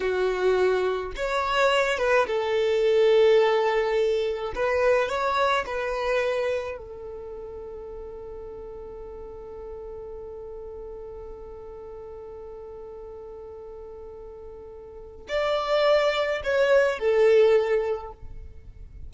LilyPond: \new Staff \with { instrumentName = "violin" } { \time 4/4 \tempo 4 = 106 fis'2 cis''4. b'8 | a'1 | b'4 cis''4 b'2 | a'1~ |
a'1~ | a'1~ | a'2. d''4~ | d''4 cis''4 a'2 | }